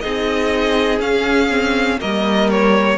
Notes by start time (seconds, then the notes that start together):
0.00 C4 D#4 G#4 D#5
0.99 C#4 F5
1.50 C4
2.00 G3 A#3 A#4 D#5
2.50 C#5